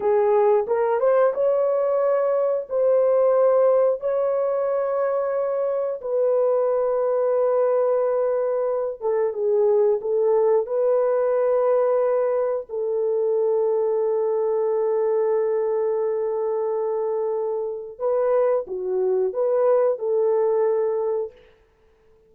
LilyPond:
\new Staff \with { instrumentName = "horn" } { \time 4/4 \tempo 4 = 90 gis'4 ais'8 c''8 cis''2 | c''2 cis''2~ | cis''4 b'2.~ | b'4. a'8 gis'4 a'4 |
b'2. a'4~ | a'1~ | a'2. b'4 | fis'4 b'4 a'2 | }